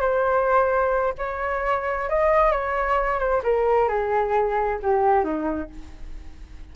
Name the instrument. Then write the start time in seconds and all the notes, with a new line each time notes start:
flute
0.00 C5
1.18 C#5
2.09 D#5
2.51 C#5
3.19 C5
3.43 A#4
3.88 G#4
4.82 G4
5.24 D#4